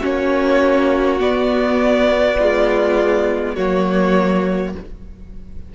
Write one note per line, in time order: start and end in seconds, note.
0.00 1.21 A#3
0.00 1.18 C#4
0.00 2.35 F#4
0.00 1.20 C#5
1.18 2.36 B3
1.18 3.56 B3
1.18 3.55 D5
2.39 3.57 G#3
2.39 3.54 F4
3.54 4.75 F#3
3.54 4.75 A#3
3.54 4.72 F#4
3.54 4.73 C#5